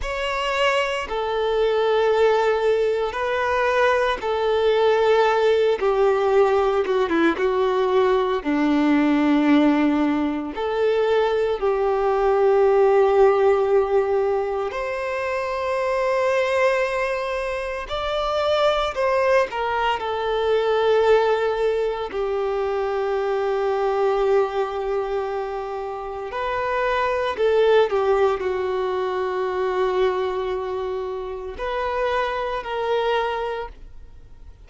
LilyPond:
\new Staff \with { instrumentName = "violin" } { \time 4/4 \tempo 4 = 57 cis''4 a'2 b'4 | a'4. g'4 fis'16 e'16 fis'4 | d'2 a'4 g'4~ | g'2 c''2~ |
c''4 d''4 c''8 ais'8 a'4~ | a'4 g'2.~ | g'4 b'4 a'8 g'8 fis'4~ | fis'2 b'4 ais'4 | }